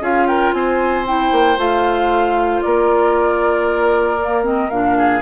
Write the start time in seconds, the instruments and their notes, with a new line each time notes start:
0.00 bassoon C#4, clarinet F4, oboe G#4, flute F5
0.27 oboe A#4, flute G5
0.53 bassoon C4, oboe C5, flute G#5
1.06 clarinet E4, flute G5
1.32 bassoon A#3
1.57 bassoon A3, clarinet F4, flute F5
2.62 bassoon A#3, oboe A#4, flute D5
4.22 clarinet A#3
4.43 clarinet C4, flute D#5
4.70 bassoon A#2, clarinet D4, flute F5
4.98 oboe G#4